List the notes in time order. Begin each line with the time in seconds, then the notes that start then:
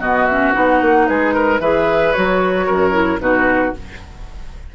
0.00 B2 B3 F#4 D#5
0.26 C#4 E5
0.53 B3 D#4 F#5
0.81 A#3
1.07 G#3 G#4 B4
1.34 A#4
1.60 E3 G#4 B4 E5
2.13 F#3 F#4 C#5
2.66 F#2 A#4
2.92 E4
3.20 B2 D#4 F#4 B4